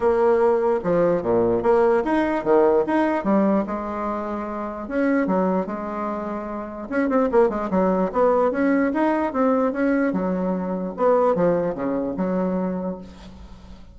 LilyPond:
\new Staff \with { instrumentName = "bassoon" } { \time 4/4 \tempo 4 = 148 ais2 f4 ais,4 | ais4 dis'4 dis4 dis'4 | g4 gis2. | cis'4 fis4 gis2~ |
gis4 cis'8 c'8 ais8 gis8 fis4 | b4 cis'4 dis'4 c'4 | cis'4 fis2 b4 | f4 cis4 fis2 | }